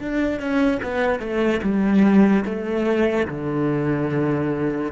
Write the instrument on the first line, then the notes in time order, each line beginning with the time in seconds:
cello
0.00 D4
0.40 C#4
0.83 B3
1.20 A3
1.63 G3
2.45 A3
3.28 D3